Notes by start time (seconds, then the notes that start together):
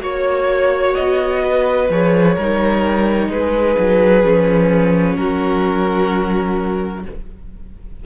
0.00 A#3 F#4 C#5
0.95 B3 D#5
1.44 B4
1.90 F3 G#4 C#5
2.35 G3 D#4 A#4
3.29 G#3 G#4 B4
3.79 F#3
4.23 F3 C#4
5.16 F#3 F#4 A#4